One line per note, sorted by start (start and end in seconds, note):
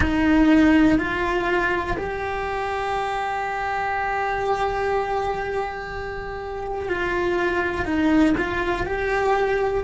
0.00 0.98 D#4
0.98 1.96 F4
1.97 6.89 G4
6.89 7.85 F4
7.85 8.34 D#4
8.37 8.85 F4
8.85 9.84 G4